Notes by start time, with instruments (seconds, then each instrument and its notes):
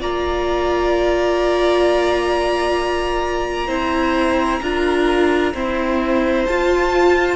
0.00 cello A#3, viola F4, violin D5 A#5
3.67 cello C4, viola E4, violin C5
4.61 cello D4, viola F4, violin A#4
5.54 viola C4, cello E4, violin C5
6.46 cello F4, viola F4, violin A5